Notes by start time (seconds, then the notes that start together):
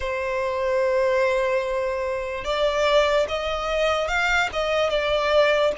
0.00 C5
2.44 D5
3.28 D#5
4.08 F5
4.52 D#5
4.89 D5